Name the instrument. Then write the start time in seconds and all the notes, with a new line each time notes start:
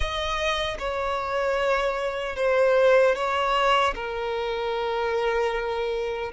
violin
0.00 D#5
0.79 C#5
2.36 C5
3.15 C#5
3.95 A#4